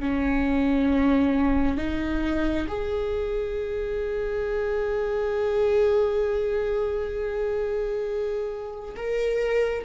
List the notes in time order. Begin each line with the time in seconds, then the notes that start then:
0.00 C#4
1.77 D#4
2.68 G#4
8.96 A#4